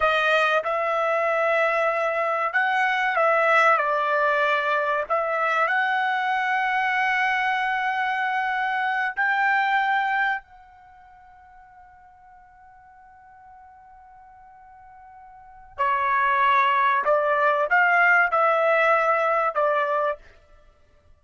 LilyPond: \new Staff \with { instrumentName = "trumpet" } { \time 4/4 \tempo 4 = 95 dis''4 e''2. | fis''4 e''4 d''2 | e''4 fis''2.~ | fis''2~ fis''8 g''4.~ |
g''8 fis''2.~ fis''8~ | fis''1~ | fis''4 cis''2 d''4 | f''4 e''2 d''4 | }